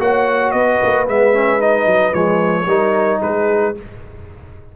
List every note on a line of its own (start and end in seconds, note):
0.00 0.54 A#3
0.00 1.07 F#4
0.00 0.55 C#5
0.00 0.52 F#5
0.52 0.80 B3
0.52 2.68 B4
0.52 1.05 D#5
0.83 1.08 A#3
1.08 1.86 G#3
1.08 1.34 B3
1.08 1.62 E5
1.34 1.60 C#4
1.60 2.14 D#4
1.60 2.14 D#5
1.86 2.13 F#3
2.14 2.66 F3
2.14 2.67 G#3
2.14 3.21 C#5
2.66 3.20 G3
2.66 3.75 D#4
2.66 3.21 A#4
3.22 3.76 G#3
3.22 3.76 G#4
3.22 3.76 B4